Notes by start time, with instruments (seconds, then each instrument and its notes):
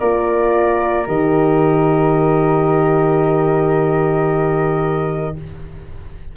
0.00 tuba A#3, horn F4, flute A#4 D5
1.07 tuba D#3, horn G4, flute D#5